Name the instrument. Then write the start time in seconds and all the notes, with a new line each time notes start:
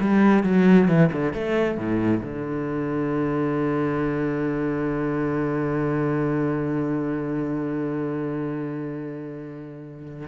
cello
0.00 G3
0.43 F#3
0.88 E3
1.12 D3
1.33 A3
1.77 A2
2.22 D3